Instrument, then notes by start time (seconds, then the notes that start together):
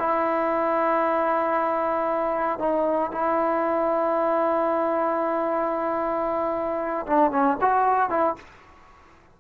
trombone
0.00 E4
2.60 D#4
3.12 E4
7.07 D4
7.31 C#4
7.61 F#4
8.10 E4